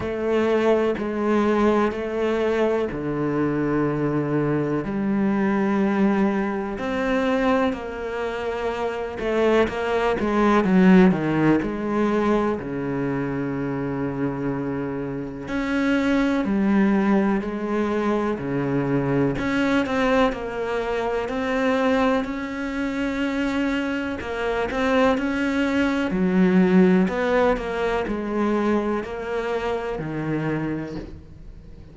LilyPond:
\new Staff \with { instrumentName = "cello" } { \time 4/4 \tempo 4 = 62 a4 gis4 a4 d4~ | d4 g2 c'4 | ais4. a8 ais8 gis8 fis8 dis8 | gis4 cis2. |
cis'4 g4 gis4 cis4 | cis'8 c'8 ais4 c'4 cis'4~ | cis'4 ais8 c'8 cis'4 fis4 | b8 ais8 gis4 ais4 dis4 | }